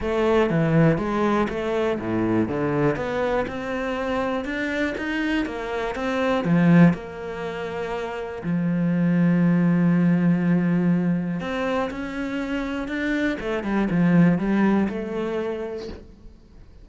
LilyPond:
\new Staff \with { instrumentName = "cello" } { \time 4/4 \tempo 4 = 121 a4 e4 gis4 a4 | a,4 d4 b4 c'4~ | c'4 d'4 dis'4 ais4 | c'4 f4 ais2~ |
ais4 f2.~ | f2. c'4 | cis'2 d'4 a8 g8 | f4 g4 a2 | }